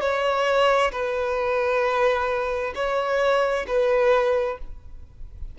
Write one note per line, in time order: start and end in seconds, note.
0.00 0.91 C#5
0.91 2.73 B4
2.74 3.65 C#5
3.67 4.58 B4